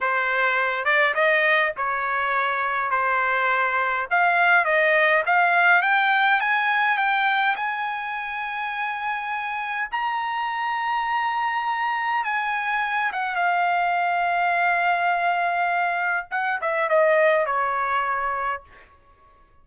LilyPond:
\new Staff \with { instrumentName = "trumpet" } { \time 4/4 \tempo 4 = 103 c''4. d''8 dis''4 cis''4~ | cis''4 c''2 f''4 | dis''4 f''4 g''4 gis''4 | g''4 gis''2.~ |
gis''4 ais''2.~ | ais''4 gis''4. fis''8 f''4~ | f''1 | fis''8 e''8 dis''4 cis''2 | }